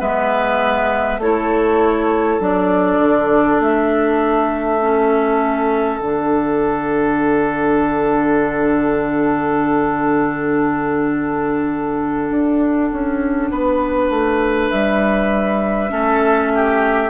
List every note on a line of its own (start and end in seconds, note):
0.00 1.18 G#3
0.00 1.20 B3
0.00 1.20 B4
0.00 1.21 E5
1.18 2.38 A3
1.18 2.40 E4
1.18 13.51 A4
1.18 2.42 C#5
2.40 2.98 F#3
2.40 4.80 D4
2.40 3.62 D5
2.98 3.58 D3
3.60 6.00 A3
3.60 6.00 E5
4.80 6.00 C#4
6.00 12.30 D3
6.00 15.89 D4
6.00 14.70 F#5
12.30 12.90 D4
12.93 13.51 C#4
13.51 14.10 B3
13.51 15.91 B4
14.10 14.70 A3
14.70 15.91 G3
14.70 17.10 E5
15.89 17.10 A3
15.89 17.09 C#4
15.89 16.52 A4
16.55 17.10 G4